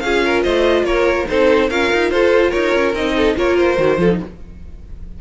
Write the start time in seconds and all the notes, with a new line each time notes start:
0.00 C#4 F4 G#4 F5
0.25 A#4
0.43 A3 C5 D#5
0.83 A#3 A#4 C#5
1.27 C4 D#4 A4 C5
1.70 C#4 F4 A#4 F5
1.93 D#4
2.10 F4 A4 C5
2.49 D#4 A#4 C#5
2.74 C#4
2.93 C4 D#4 D#5
3.16 A4
3.36 A#3 F4 A#4 C#5
3.57 C5
3.76 D#3 F#4
3.98 F3 F4 A4
4.11 D#4